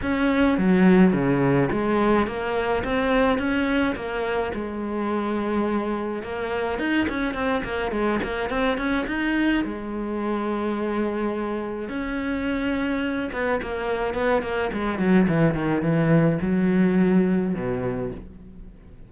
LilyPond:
\new Staff \with { instrumentName = "cello" } { \time 4/4 \tempo 4 = 106 cis'4 fis4 cis4 gis4 | ais4 c'4 cis'4 ais4 | gis2. ais4 | dis'8 cis'8 c'8 ais8 gis8 ais8 c'8 cis'8 |
dis'4 gis2.~ | gis4 cis'2~ cis'8 b8 | ais4 b8 ais8 gis8 fis8 e8 dis8 | e4 fis2 b,4 | }